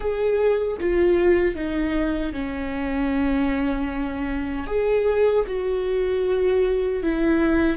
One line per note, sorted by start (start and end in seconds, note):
0.00 0.77 G#4
0.80 1.55 F4
1.55 2.32 D#4
2.32 4.66 C#4
4.66 5.44 G#4
5.47 7.02 F#4
7.02 7.76 E4